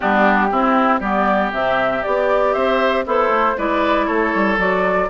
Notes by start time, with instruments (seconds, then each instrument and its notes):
0.00 bassoon G3, clarinet B3, oboe D4, flute G4
0.51 bassoon C4, clarinet C4, oboe E4
0.99 bassoon G3, clarinet B3, oboe G4, flute D5
1.52 bassoon C3, clarinet C4, flute E5
2.03 bassoon B3, clarinet G4, flute D5
2.53 bassoon C4, oboe C5, flute E5
3.06 bassoon B3, oboe E4, clarinet A4, flute C5
3.29 bassoon A3
3.57 bassoon G#3, clarinet E4, oboe B4, flute D5
4.06 bassoon A3, oboe A4, flute C#5
4.34 bassoon G3
4.57 bassoon F#3, clarinet F#4, flute D5